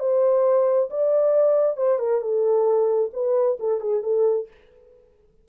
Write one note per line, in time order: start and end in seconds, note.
0.00 0.90 C5
0.91 1.77 D5
1.77 1.99 C5
1.99 2.22 A#4
2.22 3.11 A4
3.14 3.59 B4
3.60 3.81 A4
3.81 4.03 G#4
4.03 4.48 A4